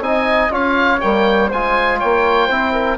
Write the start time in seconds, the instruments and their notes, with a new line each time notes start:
0.00 bassoon C4, trombone D#4, flute D#5, oboe G#5
0.50 bassoon C#4, trombone F4, flute C#5, oboe F5
1.00 bassoon G3, trombone A#3, oboe G5
1.48 bassoon G#3, trombone F4, flute C5, oboe G#5
1.99 bassoon A#3, flute C#5, oboe G5
2.47 bassoon C4, trombone E4, flute C5
2.73 flute A#4